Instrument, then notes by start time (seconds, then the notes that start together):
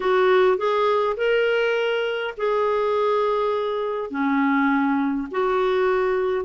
clarinet
0.00 F#4
0.57 G#4
1.16 A#4
2.37 G#4
4.10 C#4
5.31 F#4